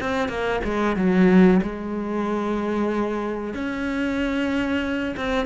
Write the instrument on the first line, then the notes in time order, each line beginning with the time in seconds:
cello
0.00 C4
0.28 A#3
0.64 G#3
0.96 F#3
1.62 G#3
3.54 C#4
5.17 C4